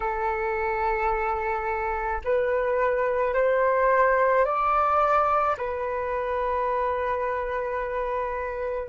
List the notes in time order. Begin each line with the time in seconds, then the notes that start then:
0.00 A4
2.24 B4
3.34 C5
4.44 D5
5.57 B4